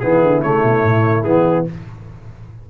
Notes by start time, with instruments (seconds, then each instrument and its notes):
0.00 tuba E3, trombone B3, horn E4, trumpet G#4
0.22 tuba D3
0.42 tuba C#3, trombone A3, trumpet C#5
0.63 tuba B2
0.83 tuba A2
1.23 tuba E3, trombone B3, trumpet G#4